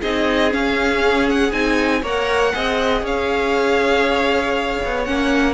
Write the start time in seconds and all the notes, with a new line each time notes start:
0.00 C4 D#4 G#4 D#5
0.51 C#4 F5
1.29 F#5
1.52 C4 D#4 G#5
2.02 A#3 A#4 C#5 F#5
2.53 C4 G#4 D#5
3.02 C#4 C#5 F5
4.85 B3
5.04 A#3 C#4 F#5